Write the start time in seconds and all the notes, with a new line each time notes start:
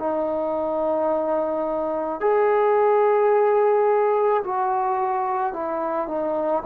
0.00 D#4
2.21 G#4
4.44 F#4
5.54 E4
6.08 D#4